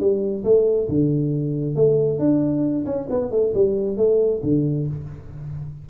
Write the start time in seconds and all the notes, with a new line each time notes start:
0.00 G3
0.44 A3
0.89 D3
1.75 A3
2.19 D4
2.86 C#4
3.10 B3
3.31 A3
3.54 G3
3.97 A3
4.43 D3